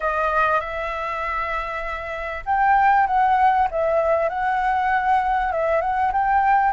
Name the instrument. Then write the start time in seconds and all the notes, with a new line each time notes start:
flute
0.00 D#5
0.60 E5
2.45 G5
3.06 F#5
3.70 E5
4.29 F#5
5.52 E5
5.81 F#5
6.12 G5